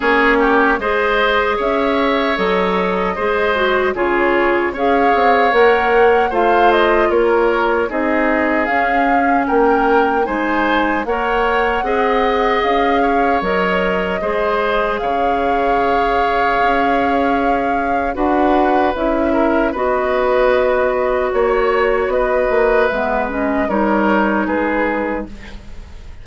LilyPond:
<<
  \new Staff \with { instrumentName = "flute" } { \time 4/4 \tempo 4 = 76 cis''4 dis''4 e''4 dis''4~ | dis''4 cis''4 f''4 fis''4 | f''8 dis''8 cis''4 dis''4 f''4 | g''4 gis''4 fis''2 |
f''4 dis''2 f''4~ | f''2. fis''4 | e''4 dis''2 cis''4 | dis''4 e''8 dis''8 cis''4 b'4 | }
  \new Staff \with { instrumentName = "oboe" } { \time 4/4 gis'8 g'8 c''4 cis''2 | c''4 gis'4 cis''2 | c''4 ais'4 gis'2 | ais'4 c''4 cis''4 dis''4~ |
dis''8 cis''4. c''4 cis''4~ | cis''2. b'4~ | b'8 ais'8 b'2 cis''4 | b'2 ais'4 gis'4 | }
  \new Staff \with { instrumentName = "clarinet" } { \time 4/4 cis'4 gis'2 a'4 | gis'8 fis'8 f'4 gis'4 ais'4 | f'2 dis'4 cis'4~ | cis'4 dis'4 ais'4 gis'4~ |
gis'4 ais'4 gis'2~ | gis'2. fis'4 | e'4 fis'2.~ | fis'4 b8 cis'8 dis'2 | }
  \new Staff \with { instrumentName = "bassoon" } { \time 4/4 ais4 gis4 cis'4 fis4 | gis4 cis4 cis'8 c'8 ais4 | a4 ais4 c'4 cis'4 | ais4 gis4 ais4 c'4 |
cis'4 fis4 gis4 cis4~ | cis4 cis'2 d'4 | cis'4 b2 ais4 | b8 ais8 gis4 g4 gis4 | }
>>